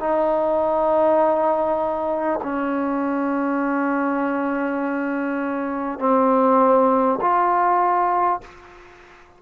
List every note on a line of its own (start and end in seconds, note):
0.00 2.40 D#4
2.43 5.99 C#4
5.99 7.19 C4
7.22 8.42 F4